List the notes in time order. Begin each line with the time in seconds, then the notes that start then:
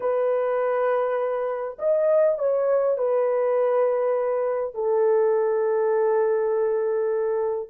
0.00 B4
1.78 D#5
2.38 C#5
2.97 B4
4.74 A4